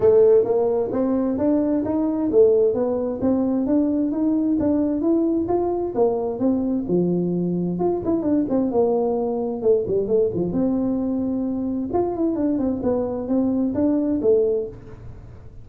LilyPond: \new Staff \with { instrumentName = "tuba" } { \time 4/4 \tempo 4 = 131 a4 ais4 c'4 d'4 | dis'4 a4 b4 c'4 | d'4 dis'4 d'4 e'4 | f'4 ais4 c'4 f4~ |
f4 f'8 e'8 d'8 c'8 ais4~ | ais4 a8 g8 a8 f8 c'4~ | c'2 f'8 e'8 d'8 c'8 | b4 c'4 d'4 a4 | }